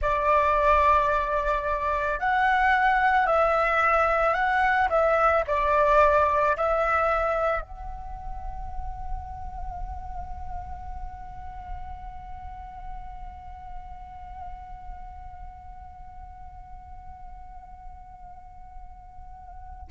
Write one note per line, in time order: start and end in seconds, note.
0.01 2.19 D5
2.19 3.26 F#5
3.26 4.33 E5
4.33 4.88 F#5
4.89 5.43 E5
5.47 6.56 D5
6.57 7.61 E5
7.61 19.88 F#5